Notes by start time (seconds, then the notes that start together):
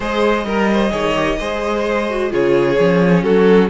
0.00 G#3 G#4 C5 D#5
0.45 G3 A#4
0.72 C5
0.90 D#3 G#4 C#5
1.14 G4
1.39 G#3 G#4 C5
2.09 F#4
2.29 C#3 F4 G#4 C#5
2.78 F3 C#4
3.23 F#3 F#4 A4